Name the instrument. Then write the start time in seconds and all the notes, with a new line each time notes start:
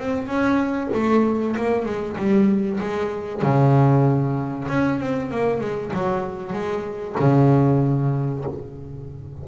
double bass
0.00 C4
0.27 C#4
0.94 A3
1.57 A#3
1.86 G#3
2.17 G3
2.81 G#3
3.43 C#3
4.69 C#4
5.00 C4
5.31 A#3
5.61 G#3
5.94 F#3
6.53 G#3
7.20 C#3